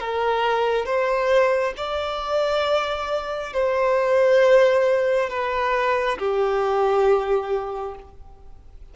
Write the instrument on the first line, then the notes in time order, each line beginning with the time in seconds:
violin
0.00 A#4
0.86 C5
1.77 D5
3.53 C5
5.30 B4
6.18 G4